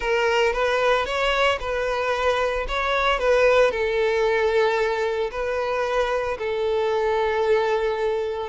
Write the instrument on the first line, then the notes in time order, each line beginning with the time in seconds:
violin
0.00 A#4
0.52 B4
1.05 C#5
1.60 B4
2.68 C#5
3.19 B4
3.71 A4
5.31 B4
6.38 A4